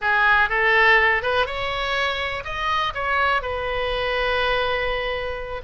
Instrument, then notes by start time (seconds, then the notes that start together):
oboe
0.01 G#4
0.49 A4
1.22 B4
1.46 C#5
2.44 D#5
2.94 C#5
3.41 B4